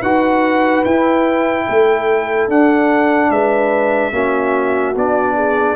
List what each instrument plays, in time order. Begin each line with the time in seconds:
0.00 tuba D#4, trombone F#4, horn B4, trumpet F#5
0.85 tuba E4, trombone E4, trumpet G5
1.67 tuba A3, horn A4
2.49 tuba D4, trombone D4, trumpet F#5
3.30 tuba G#3, horn B4, trumpet E5
4.13 tuba A#3, trombone C#4, horn F#4
4.95 tuba B3, trombone D4, trumpet D5
5.36 horn G#4